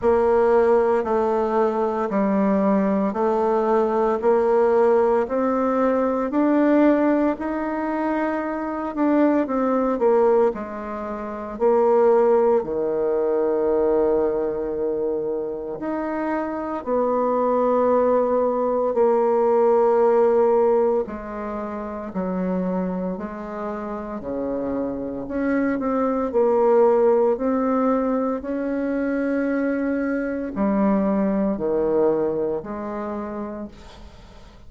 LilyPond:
\new Staff \with { instrumentName = "bassoon" } { \time 4/4 \tempo 4 = 57 ais4 a4 g4 a4 | ais4 c'4 d'4 dis'4~ | dis'8 d'8 c'8 ais8 gis4 ais4 | dis2. dis'4 |
b2 ais2 | gis4 fis4 gis4 cis4 | cis'8 c'8 ais4 c'4 cis'4~ | cis'4 g4 dis4 gis4 | }